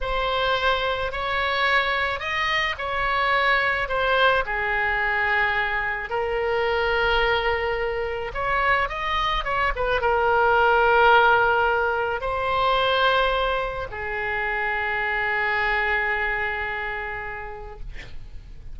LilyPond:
\new Staff \with { instrumentName = "oboe" } { \time 4/4 \tempo 4 = 108 c''2 cis''2 | dis''4 cis''2 c''4 | gis'2. ais'4~ | ais'2. cis''4 |
dis''4 cis''8 b'8 ais'2~ | ais'2 c''2~ | c''4 gis'2.~ | gis'1 | }